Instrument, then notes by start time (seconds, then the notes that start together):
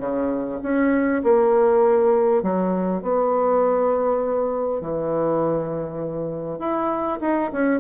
bassoon
0.00 C#3
0.63 C#4
1.24 A#3
2.43 F#3
3.02 B3
4.81 E3
6.59 E4
7.21 D#4
7.53 C#4